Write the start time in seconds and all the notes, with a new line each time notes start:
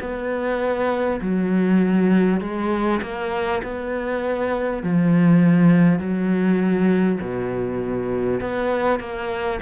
0.00 B3
1.21 F#3
2.41 G#3
3.02 A#3
3.63 B3
4.83 F3
5.99 F#3
7.21 B2
8.40 B3
8.99 A#3